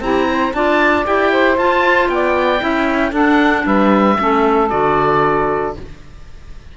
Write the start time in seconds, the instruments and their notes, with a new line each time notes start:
0.00 cello C4, clarinet E4, saxophone G4, oboe A#5
0.27 saxophone C5
0.53 cello D4, clarinet F4, saxophone D5, oboe A5
1.05 cello E4, clarinet G4, oboe G5
1.31 saxophone C5
1.57 cello F4, clarinet F4, oboe A5
2.08 cello B3, saxophone D5, oboe G5
2.59 cello C#4, clarinet E4, saxophone E5
3.10 cello D4, clarinet D4, saxophone A4, oboe F#5
3.65 cello G3, saxophone B4, oboe E5
4.17 cello A3, clarinet C#4, saxophone A4
4.69 cello D3, clarinet F#4, oboe D5